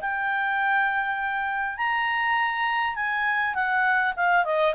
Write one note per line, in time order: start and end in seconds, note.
0.00 1.77 G5
1.77 2.95 A#5
2.95 3.54 G#5
3.54 4.13 F#5
4.16 4.44 F5
4.44 4.74 D#5